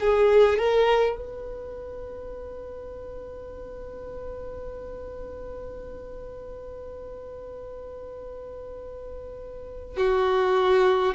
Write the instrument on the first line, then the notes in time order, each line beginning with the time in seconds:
violin
0.00 G#4
0.58 A#4
1.16 B4
9.97 F#4